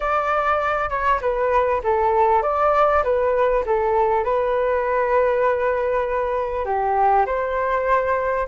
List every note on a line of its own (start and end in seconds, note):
0.00 0.89 D5
0.89 1.20 C#5
1.21 1.81 B4
1.83 2.42 A4
2.42 3.03 D5
3.03 3.64 B4
3.66 4.24 A4
4.24 6.65 B4
6.65 7.25 G4
7.26 8.47 C5